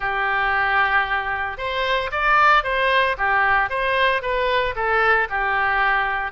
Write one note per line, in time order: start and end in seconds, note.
0.00 1.57 G4
1.57 2.10 C5
2.11 2.63 D5
2.63 3.16 C5
3.17 3.69 G4
3.69 4.22 C5
4.22 4.74 B4
4.75 5.28 A4
5.29 6.31 G4